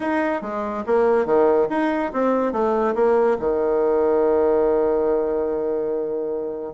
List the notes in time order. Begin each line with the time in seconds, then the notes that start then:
0.00 D#4
0.41 G#3
0.86 A#3
1.25 D#3
1.69 D#4
2.12 C4
2.52 A3
2.95 A#3
3.39 D#3